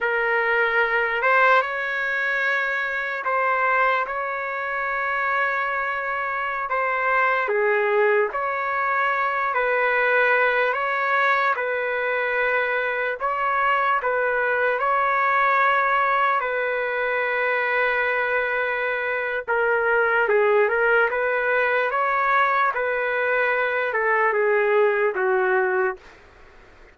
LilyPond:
\new Staff \with { instrumentName = "trumpet" } { \time 4/4 \tempo 4 = 74 ais'4. c''8 cis''2 | c''4 cis''2.~ | cis''16 c''4 gis'4 cis''4. b'16~ | b'4~ b'16 cis''4 b'4.~ b'16~ |
b'16 cis''4 b'4 cis''4.~ cis''16~ | cis''16 b'2.~ b'8. | ais'4 gis'8 ais'8 b'4 cis''4 | b'4. a'8 gis'4 fis'4 | }